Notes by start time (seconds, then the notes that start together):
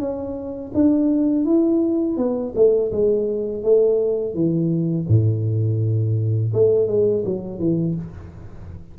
0.00 C#4
0.75 D4
1.45 E4
2.17 B3
2.56 A3
2.92 G#3
3.63 A3
4.35 E3
5.09 A2
6.54 A3
6.88 G#3
7.25 F#3
7.59 E3